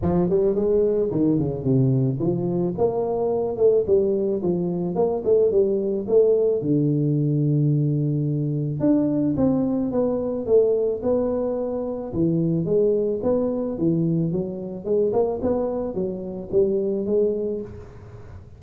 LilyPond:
\new Staff \with { instrumentName = "tuba" } { \time 4/4 \tempo 4 = 109 f8 g8 gis4 dis8 cis8 c4 | f4 ais4. a8 g4 | f4 ais8 a8 g4 a4 | d1 |
d'4 c'4 b4 a4 | b2 e4 gis4 | b4 e4 fis4 gis8 ais8 | b4 fis4 g4 gis4 | }